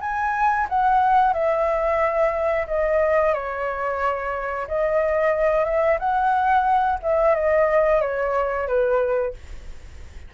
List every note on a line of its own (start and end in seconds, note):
0.00 0.67 G#5
0.69 1.33 F#5
1.33 2.66 E5
2.67 3.33 D#5
3.33 4.67 C#5
4.67 5.65 D#5
5.65 5.98 E5
5.98 6.98 F#5
7.02 7.35 E5
7.35 8.01 D#5
8.01 8.67 C#5
8.67 9.34 B4